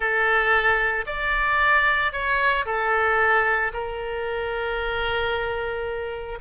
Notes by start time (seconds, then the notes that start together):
0.00 A4
1.06 D5
2.12 C#5
2.65 A4
3.73 A#4